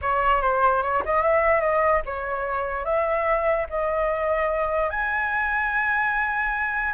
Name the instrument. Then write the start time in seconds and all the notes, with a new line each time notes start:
flute
0.01 C#5
0.41 C5
0.82 C#5
1.05 D#5
1.22 E5
1.60 D#5
2.05 C#5
2.85 E5
3.69 D#5
4.89 G#5